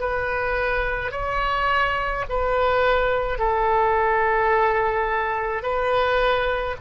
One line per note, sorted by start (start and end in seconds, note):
0.00 1.12 B4
1.12 2.25 C#5
2.30 3.39 B4
3.39 5.63 A4
5.63 6.76 B4